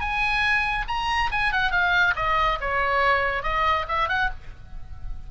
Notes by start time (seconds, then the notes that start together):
0.00 G#5
0.88 A#5
1.31 G#5
1.52 F#5
1.72 F5
2.16 D#5
2.61 C#5
3.43 D#5
3.88 E5
4.09 F#5